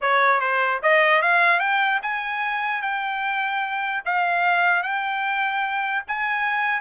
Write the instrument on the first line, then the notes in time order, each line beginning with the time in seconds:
trumpet
0.01 C#5
0.40 C5
0.82 D#5
1.22 F5
1.59 G5
2.02 G#5
2.82 G5
4.05 F5
4.82 G5
6.07 G#5